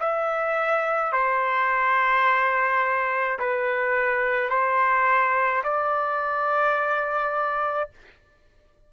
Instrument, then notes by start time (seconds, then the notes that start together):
trumpet
0.00 E5
1.12 C5
3.39 B4
4.49 C5
5.63 D5